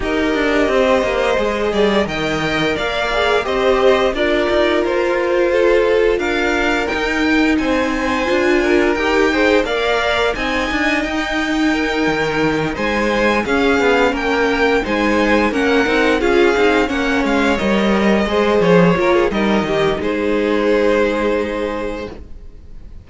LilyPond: <<
  \new Staff \with { instrumentName = "violin" } { \time 4/4 \tempo 4 = 87 dis''2. g''4 | f''4 dis''4 d''4 c''4~ | c''4 f''4 g''4 gis''4~ | gis''4 g''4 f''4 gis''4 |
g''2~ g''8 gis''4 f''8~ | f''8 g''4 gis''4 fis''4 f''8~ | f''8 fis''8 f''8 dis''4. cis''4 | dis''4 c''2. | }
  \new Staff \with { instrumentName = "violin" } { \time 4/4 ais'4 c''4. d''8 dis''4 | d''4 c''4 ais'2 | a'4 ais'2 c''4~ | c''8 ais'4 c''8 d''4 dis''4~ |
dis''4 ais'4. c''4 gis'8~ | gis'8 ais'4 c''4 ais'4 gis'8~ | gis'8 cis''2 c''4 ais'16 gis'16 | ais'8 g'8 gis'2. | }
  \new Staff \with { instrumentName = "viola" } { \time 4/4 g'2 gis'4 ais'4~ | ais'8 gis'8 g'4 f'2~ | f'2 dis'2 | f'4 g'8 gis'8 ais'4 dis'4~ |
dis'2.~ dis'8 cis'8~ | cis'4. dis'4 cis'8 dis'8 f'8 | dis'8 cis'4 ais'4 gis'4 f'8 | dis'1 | }
  \new Staff \with { instrumentName = "cello" } { \time 4/4 dis'8 d'8 c'8 ais8 gis8 g8 dis4 | ais4 c'4 d'8 dis'8 f'4~ | f'4 d'4 dis'4 c'4 | d'4 dis'4 ais4 c'8 d'8 |
dis'4. dis4 gis4 cis'8 | b8 ais4 gis4 ais8 c'8 cis'8 | c'8 ais8 gis8 g4 gis8 f8 ais8 | g8 dis8 gis2. | }
>>